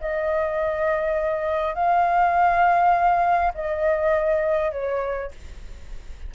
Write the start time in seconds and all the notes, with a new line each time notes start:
0.00 D#5
1.74 F5
3.54 D#5
4.71 C#5